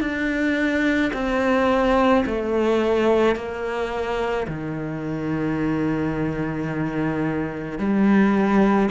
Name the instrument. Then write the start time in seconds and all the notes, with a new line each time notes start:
cello
0.00 D4
1.13 C4
2.26 A3
3.35 A#3
4.47 D#3
7.78 G3